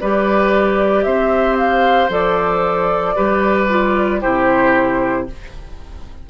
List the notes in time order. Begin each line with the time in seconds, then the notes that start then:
0.00 G3 G4 B4 D5
1.04 C4 C5 E5
1.58 F5
2.09 F3 A4 D5
3.16 G3 G4 B4
3.69 F4
4.21 C3 E4 G4 C5